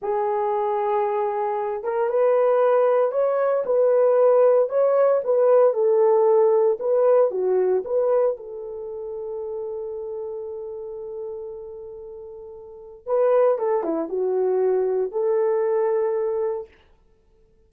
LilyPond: \new Staff \with { instrumentName = "horn" } { \time 4/4 \tempo 4 = 115 gis'2.~ gis'8 ais'8 | b'2 cis''4 b'4~ | b'4 cis''4 b'4 a'4~ | a'4 b'4 fis'4 b'4 |
a'1~ | a'1~ | a'4 b'4 a'8 e'8 fis'4~ | fis'4 a'2. | }